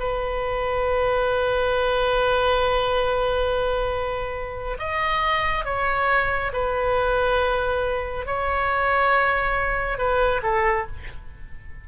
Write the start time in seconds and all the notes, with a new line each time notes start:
0.00 B4
4.79 D#5
5.65 C#5
6.53 B4
8.26 C#5
9.98 B4
10.43 A4